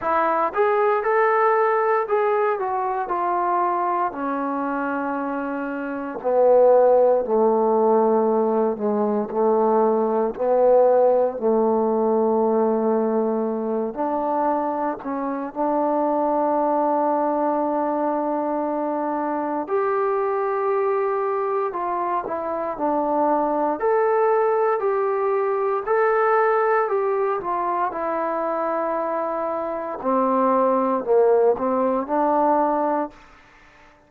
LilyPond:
\new Staff \with { instrumentName = "trombone" } { \time 4/4 \tempo 4 = 58 e'8 gis'8 a'4 gis'8 fis'8 f'4 | cis'2 b4 a4~ | a8 gis8 a4 b4 a4~ | a4. d'4 cis'8 d'4~ |
d'2. g'4~ | g'4 f'8 e'8 d'4 a'4 | g'4 a'4 g'8 f'8 e'4~ | e'4 c'4 ais8 c'8 d'4 | }